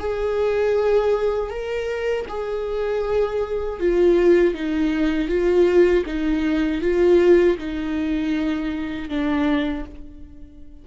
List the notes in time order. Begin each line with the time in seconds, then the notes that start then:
0.00 G#4
1.51 A#4
2.29 G#4
3.80 F4
4.55 D#4
5.29 F4
6.07 D#4
6.82 F4
7.58 D#4
9.10 D4